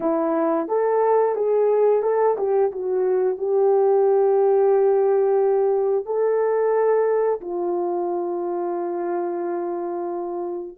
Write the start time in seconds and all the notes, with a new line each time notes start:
0.00 E4
0.67 A4
1.35 G#4
2.02 A4
2.37 G4
2.71 F#4
3.37 G4
6.05 A4
7.40 F4